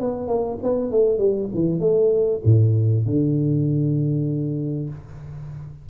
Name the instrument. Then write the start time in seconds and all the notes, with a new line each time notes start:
tuba
0.00 B3
0.27 A#3
0.62 B3
0.91 A3
1.18 G3
1.54 E3
1.79 A3
2.44 A2
3.06 D3